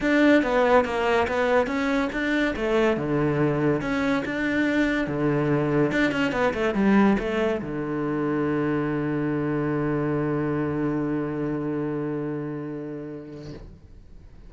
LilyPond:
\new Staff \with { instrumentName = "cello" } { \time 4/4 \tempo 4 = 142 d'4 b4 ais4 b4 | cis'4 d'4 a4 d4~ | d4 cis'4 d'2 | d2 d'8 cis'8 b8 a8 |
g4 a4 d2~ | d1~ | d1~ | d1 | }